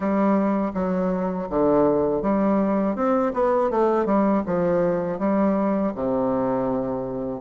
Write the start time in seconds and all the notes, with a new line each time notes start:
0.00 G3
0.74 F#3
1.49 D3
2.22 G3
2.95 C4
3.33 B3
3.70 A3
4.05 G3
4.45 F3
5.19 G3
5.94 C3